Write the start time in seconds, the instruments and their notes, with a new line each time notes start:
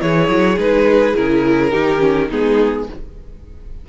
0.00 cello E3, viola E4, violin G#4 C#5
0.29 cello F#3
0.57 cello G#3, viola D#4, violin B4
1.15 cello C#3, viola E4, violin A#4
1.71 cello D#3, viola D#4, violin G4
1.99 viola C#4
2.30 cello G#3, viola B3, violin D#4 G#4